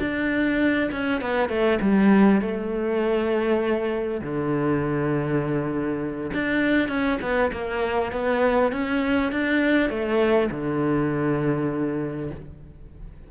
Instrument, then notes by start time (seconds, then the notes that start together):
cello
0.00 D4
0.91 C#4
1.21 B3
1.49 A3
1.81 G3
2.41 A3
4.21 D3
6.34 D4
6.88 C#4
7.21 B3
7.52 A#3
8.12 B3
8.72 C#4
9.32 D4
9.89 A3
10.51 D3